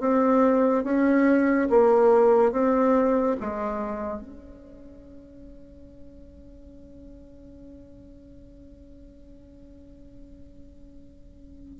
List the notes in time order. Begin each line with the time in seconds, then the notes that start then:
0.00 C4
0.84 C#4
1.70 A#3
2.52 C4
3.40 G#3
4.21 C#4